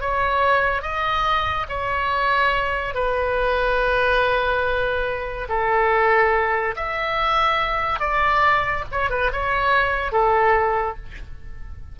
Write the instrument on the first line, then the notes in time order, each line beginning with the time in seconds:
oboe
0.00 C#5
0.82 D#5
1.69 C#5
2.94 B4
5.49 A4
6.76 E5
7.99 D5
8.92 C#5
9.10 B4
9.32 C#5
10.12 A4